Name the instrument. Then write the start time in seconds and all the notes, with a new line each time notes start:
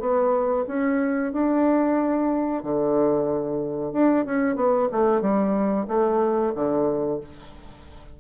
bassoon
0.00 B3
0.68 C#4
1.33 D4
2.63 D3
3.92 D4
4.25 C#4
4.56 B3
4.92 A3
5.21 G3
5.88 A3
6.55 D3